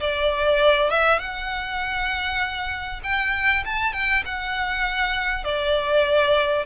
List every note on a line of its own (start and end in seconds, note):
0.00 0.90 D5
0.90 1.19 E5
1.19 3.01 F#5
3.03 3.64 G5
3.64 3.93 A5
3.93 4.23 G5
4.25 5.44 F#5
5.44 6.65 D5